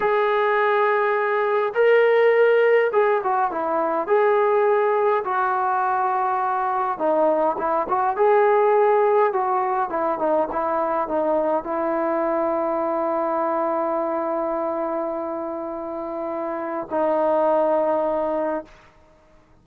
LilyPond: \new Staff \with { instrumentName = "trombone" } { \time 4/4 \tempo 4 = 103 gis'2. ais'4~ | ais'4 gis'8 fis'8 e'4 gis'4~ | gis'4 fis'2. | dis'4 e'8 fis'8 gis'2 |
fis'4 e'8 dis'8 e'4 dis'4 | e'1~ | e'1~ | e'4 dis'2. | }